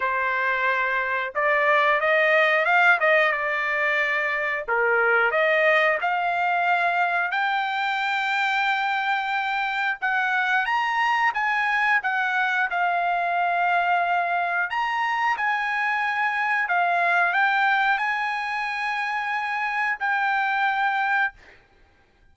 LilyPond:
\new Staff \with { instrumentName = "trumpet" } { \time 4/4 \tempo 4 = 90 c''2 d''4 dis''4 | f''8 dis''8 d''2 ais'4 | dis''4 f''2 g''4~ | g''2. fis''4 |
ais''4 gis''4 fis''4 f''4~ | f''2 ais''4 gis''4~ | gis''4 f''4 g''4 gis''4~ | gis''2 g''2 | }